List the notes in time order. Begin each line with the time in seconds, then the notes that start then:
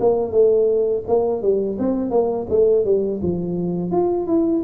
0.00 A#3
0.31 A3
1.08 A#3
1.42 G3
1.79 C4
2.11 A#3
2.50 A3
2.85 G3
3.22 F3
3.92 F4
4.27 E4